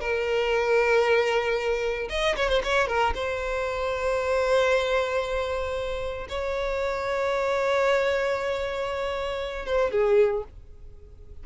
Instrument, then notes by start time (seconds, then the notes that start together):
violin
0.00 A#4
2.09 D#5
2.36 C#5
2.49 C5
2.64 C#5
2.87 A#4
3.14 C5
6.29 C#5
9.66 C5
9.91 G#4